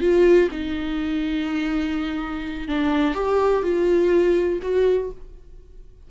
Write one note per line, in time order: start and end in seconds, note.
0.00 0.48 F4
0.51 2.68 D#4
2.68 3.14 D4
3.14 3.62 G4
3.62 4.59 F4
4.62 5.10 F#4